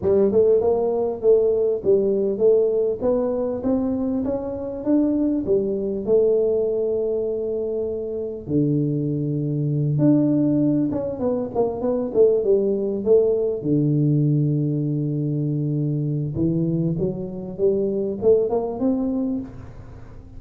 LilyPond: \new Staff \with { instrumentName = "tuba" } { \time 4/4 \tempo 4 = 99 g8 a8 ais4 a4 g4 | a4 b4 c'4 cis'4 | d'4 g4 a2~ | a2 d2~ |
d8 d'4. cis'8 b8 ais8 b8 | a8 g4 a4 d4.~ | d2. e4 | fis4 g4 a8 ais8 c'4 | }